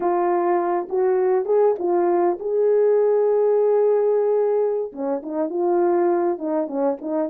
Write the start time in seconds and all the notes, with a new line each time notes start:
0.00 F4
0.89 F#4
1.45 G#4
1.78 F4
2.39 G#4
4.92 C#4
5.23 D#4
5.49 F4
6.38 D#4
6.67 C#4
7.01 D#4